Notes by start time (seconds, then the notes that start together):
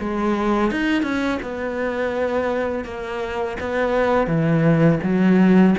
0.00 G#3
0.71 D#4
1.03 C#4
1.42 B3
2.85 A#3
3.60 B3
4.27 E3
5.03 F#3